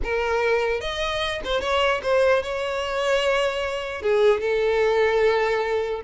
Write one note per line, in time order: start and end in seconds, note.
0.03 0.80 A#4
0.80 1.41 D#5
1.44 1.60 C5
1.60 2.01 C#5
2.02 2.42 C5
2.42 4.01 C#5
4.01 4.40 G#4
4.40 6.01 A4